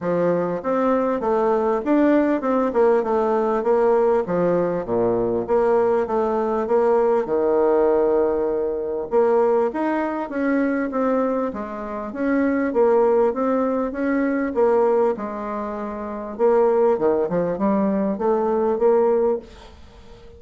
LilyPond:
\new Staff \with { instrumentName = "bassoon" } { \time 4/4 \tempo 4 = 99 f4 c'4 a4 d'4 | c'8 ais8 a4 ais4 f4 | ais,4 ais4 a4 ais4 | dis2. ais4 |
dis'4 cis'4 c'4 gis4 | cis'4 ais4 c'4 cis'4 | ais4 gis2 ais4 | dis8 f8 g4 a4 ais4 | }